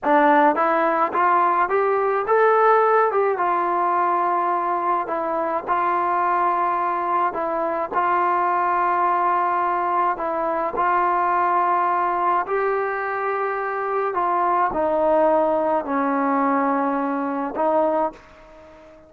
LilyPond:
\new Staff \with { instrumentName = "trombone" } { \time 4/4 \tempo 4 = 106 d'4 e'4 f'4 g'4 | a'4. g'8 f'2~ | f'4 e'4 f'2~ | f'4 e'4 f'2~ |
f'2 e'4 f'4~ | f'2 g'2~ | g'4 f'4 dis'2 | cis'2. dis'4 | }